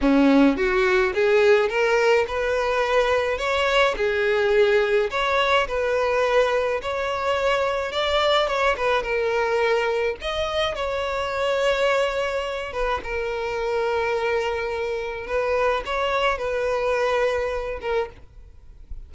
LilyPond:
\new Staff \with { instrumentName = "violin" } { \time 4/4 \tempo 4 = 106 cis'4 fis'4 gis'4 ais'4 | b'2 cis''4 gis'4~ | gis'4 cis''4 b'2 | cis''2 d''4 cis''8 b'8 |
ais'2 dis''4 cis''4~ | cis''2~ cis''8 b'8 ais'4~ | ais'2. b'4 | cis''4 b'2~ b'8 ais'8 | }